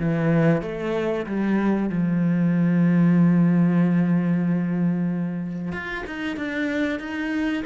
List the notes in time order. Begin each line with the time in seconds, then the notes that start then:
0.00 E3
0.62 A3
1.26 G3
1.90 F3
5.73 F4
6.07 D#4
6.37 D4
7.00 D#4